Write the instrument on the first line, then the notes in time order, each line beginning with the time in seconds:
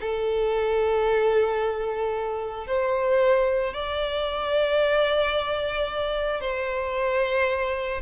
violin
0.00 A4
2.67 C5
3.73 D5
6.40 C5